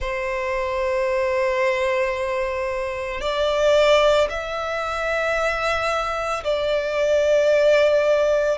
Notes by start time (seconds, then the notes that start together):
0.00 C5
3.20 D5
4.29 E5
6.44 D5